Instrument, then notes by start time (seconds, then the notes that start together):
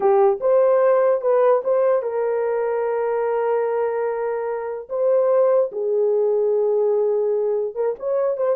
horn
0.00 G4
0.40 C5
1.21 B4
1.64 C5
2.02 A#4
4.89 C5
5.71 G#4
7.74 A#4
7.99 C#5
8.37 C5